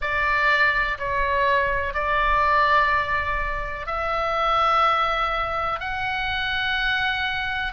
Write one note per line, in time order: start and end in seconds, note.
0.01 0.98 D5
0.98 1.94 C#5
1.94 3.86 D5
3.86 5.80 E5
5.80 7.72 F#5